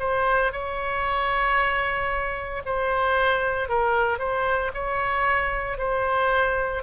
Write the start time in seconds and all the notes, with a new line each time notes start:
0.00 C5
0.53 C#5
2.66 C5
3.69 A#4
4.19 C5
4.74 C#5
5.78 C5